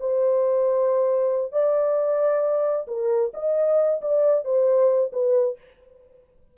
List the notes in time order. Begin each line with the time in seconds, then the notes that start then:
0.00 C5
1.52 D5
2.88 A#4
3.34 D#5
4.02 D5
4.45 C5
5.13 B4